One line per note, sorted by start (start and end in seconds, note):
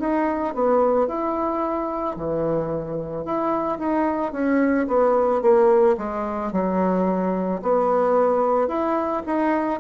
0.00 0.55 D#4
0.55 1.08 B3
1.08 2.17 E4
2.17 3.25 E3
3.25 3.79 E4
3.79 4.32 D#4
4.32 4.87 C#4
4.88 5.42 B3
5.42 5.97 A#3
5.98 6.53 G#3
6.53 7.62 F#3
7.63 8.68 B3
8.68 9.23 E4
9.26 9.80 D#4